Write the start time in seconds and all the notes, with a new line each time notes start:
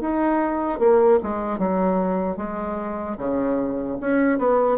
0.00 D#4
0.79 A#3
1.23 G#3
1.58 F#3
2.36 G#3
3.17 C#3
4.00 C#4
4.38 B3